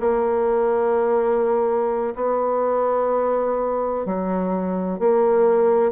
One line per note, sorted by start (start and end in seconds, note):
0.00 2.14 A#3
2.16 4.06 B3
4.06 4.99 F#3
4.99 5.92 A#3